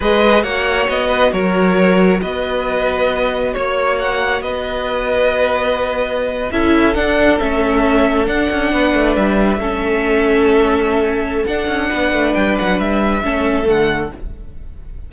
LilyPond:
<<
  \new Staff \with { instrumentName = "violin" } { \time 4/4 \tempo 4 = 136 dis''4 fis''4 dis''4 cis''4~ | cis''4 dis''2. | cis''4 fis''4 dis''2~ | dis''2~ dis''8. e''4 fis''16~ |
fis''8. e''2 fis''4~ fis''16~ | fis''8. e''2.~ e''16~ | e''2 fis''2 | g''8 fis''8 e''2 fis''4 | }
  \new Staff \with { instrumentName = "violin" } { \time 4/4 b'4 cis''4. b'8 ais'4~ | ais'4 b'2. | cis''2 b'2~ | b'2~ b'8. a'4~ a'16~ |
a'2.~ a'8. b'16~ | b'4.~ b'16 a'2~ a'16~ | a'2. b'4~ | b'2 a'2 | }
  \new Staff \with { instrumentName = "viola" } { \time 4/4 gis'4 fis'2.~ | fis'1~ | fis'1~ | fis'2~ fis'8. e'4 d'16~ |
d'8. cis'2 d'4~ d'16~ | d'4.~ d'16 cis'2~ cis'16~ | cis'2 d'2~ | d'2 cis'4 a4 | }
  \new Staff \with { instrumentName = "cello" } { \time 4/4 gis4 ais4 b4 fis4~ | fis4 b2. | ais2 b2~ | b2~ b8. cis'4 d'16~ |
d'8. a2 d'8 cis'8 b16~ | b16 a8 g4 a2~ a16~ | a2 d'8 cis'8 b8 a8 | g8 fis8 g4 a4 d4 | }
>>